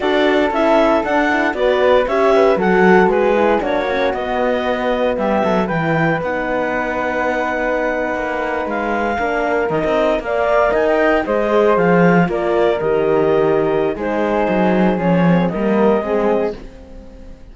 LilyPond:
<<
  \new Staff \with { instrumentName = "clarinet" } { \time 4/4 \tempo 4 = 116 d''4 e''4 fis''4 d''4 | e''4 fis''4 b'4 cis''4 | dis''2 e''4 g''4 | fis''1~ |
fis''8. f''2 dis''4 f''16~ | f''8. gis''16 g''8. dis''4 f''4 d''16~ | d''8. dis''2~ dis''16 c''4~ | c''4 cis''4 dis''2 | }
  \new Staff \with { instrumentName = "flute" } { \time 4/4 a'2. b'4 | cis''8 b'8 a'4 gis'4 fis'4~ | fis'2 g'8 a'8 b'4~ | b'1~ |
b'4.~ b'16 ais'2 d''16~ | d''8. dis''4 c''2 ais'16~ | ais'2. gis'4~ | gis'2 ais'4 gis'4 | }
  \new Staff \with { instrumentName = "horn" } { \time 4/4 fis'4 e'4 d'8 e'8 fis'4 | g'4 fis'4. e'8 d'8 cis'8 | b2. e'4 | dis'1~ |
dis'4.~ dis'16 d'4 dis'4 ais'16~ | ais'4.~ ais'16 gis'2 f'16~ | f'8. g'2~ g'16 dis'4~ | dis'4 cis'8 c'8 ais4 c'4 | }
  \new Staff \with { instrumentName = "cello" } { \time 4/4 d'4 cis'4 d'4 b4 | cis'4 fis4 gis4 ais4 | b2 g8 fis8 e4 | b2.~ b8. ais16~ |
ais8. gis4 ais4 dis16 c'8. ais16~ | ais8. dis'4 gis4 f4 ais16~ | ais8. dis2~ dis16 gis4 | fis4 f4 g4 gis4 | }
>>